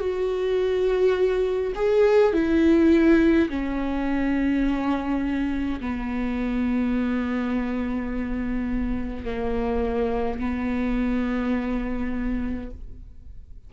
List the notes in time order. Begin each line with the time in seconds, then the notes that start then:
0.00 F#4
1.76 G#4
2.33 E4
3.49 C#4
5.81 B3
9.25 A#3
10.40 B3